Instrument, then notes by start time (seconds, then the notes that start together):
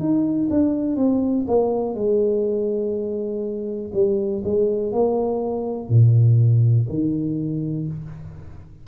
tuba
0.00 D#4
0.51 D4
0.97 C4
1.48 A#3
1.95 G#3
3.94 G3
4.45 G#3
4.93 A#3
5.89 A#2
6.89 D#3